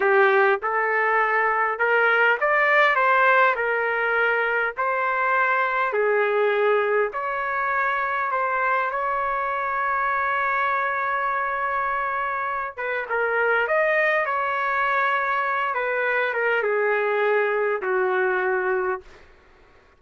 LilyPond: \new Staff \with { instrumentName = "trumpet" } { \time 4/4 \tempo 4 = 101 g'4 a'2 ais'4 | d''4 c''4 ais'2 | c''2 gis'2 | cis''2 c''4 cis''4~ |
cis''1~ | cis''4. b'8 ais'4 dis''4 | cis''2~ cis''8 b'4 ais'8 | gis'2 fis'2 | }